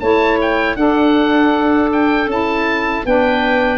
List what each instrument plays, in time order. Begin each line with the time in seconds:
0.00 tuba A3, saxophone E4, clarinet C#5, oboe A5
0.41 oboe G5
0.75 saxophone D4, tuba D4, clarinet A4, oboe F#5
1.92 oboe G5
2.26 tuba C#4, saxophone E4, oboe A5
3.05 tuba B3, saxophone D4, clarinet B4, oboe G5